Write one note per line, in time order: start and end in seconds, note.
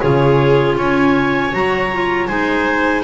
0.00 0.77 C#3
0.00 1.52 F4
0.00 0.77 G#4
0.00 0.76 C#5
0.77 1.53 C#4
0.77 2.28 C#5
0.77 1.55 G#5
1.52 2.29 F#3
1.52 1.90 F#4
1.52 2.27 A#5
1.93 2.29 F4
2.27 3.04 G#3
2.27 3.04 D#4
2.27 3.04 C5
2.27 3.03 G#5